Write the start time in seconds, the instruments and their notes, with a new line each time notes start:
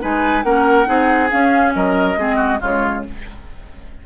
0.00 bassoon G#3, clarinet D#4, oboe B4, flute G#5
0.43 bassoon A#3, clarinet C#4, oboe A#4, flute F#5
0.85 bassoon C4, clarinet D#4, oboe G#4
1.30 clarinet C#4, bassoon C#4, flute F5
1.74 bassoon F#3, oboe A#4, flute D#5
2.16 bassoon G#3, clarinet C4, oboe G#4
2.36 oboe F#4
2.61 bassoon C#3, clarinet G#3, oboe F4, flute C#5